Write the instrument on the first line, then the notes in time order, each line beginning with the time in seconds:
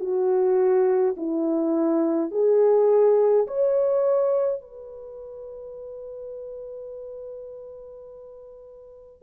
horn
0.00 F#4
1.16 E4
2.31 G#4
3.47 C#5
4.62 B4